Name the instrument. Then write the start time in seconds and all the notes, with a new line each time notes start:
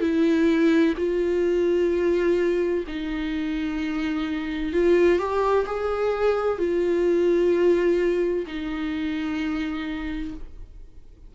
viola
0.00 E4
0.97 F4
2.87 D#4
4.73 F4
5.19 G4
5.66 G#4
6.58 F4
8.47 D#4